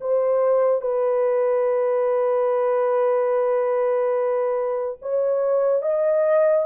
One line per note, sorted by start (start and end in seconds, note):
0.00 0.81 C5
0.81 4.97 B4
5.02 5.82 C#5
5.82 6.65 D#5